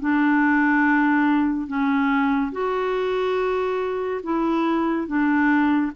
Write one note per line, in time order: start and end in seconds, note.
0.00 1.67 D4
1.67 2.52 C#4
2.52 4.21 F#4
4.23 5.07 E4
5.07 5.92 D4